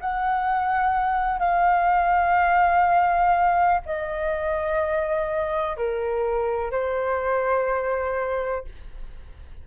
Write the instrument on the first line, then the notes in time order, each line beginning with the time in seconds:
flute
0.00 F#5
1.39 F5
3.86 D#5
5.77 A#4
6.71 C5